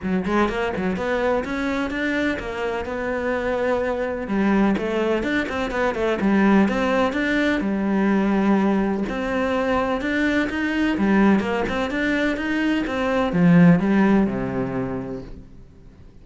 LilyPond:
\new Staff \with { instrumentName = "cello" } { \time 4/4 \tempo 4 = 126 fis8 gis8 ais8 fis8 b4 cis'4 | d'4 ais4 b2~ | b4 g4 a4 d'8 c'8 | b8 a8 g4 c'4 d'4 |
g2. c'4~ | c'4 d'4 dis'4 g4 | ais8 c'8 d'4 dis'4 c'4 | f4 g4 c2 | }